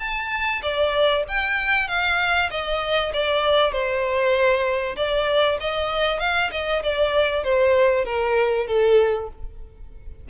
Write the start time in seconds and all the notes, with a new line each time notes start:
0.00 A5
0.62 D5
1.28 G5
1.88 F5
2.51 D#5
3.13 D5
3.73 C5
4.97 D5
5.60 D#5
6.20 F5
6.52 D#5
6.83 D5
7.44 C5
8.05 A#4
8.67 A4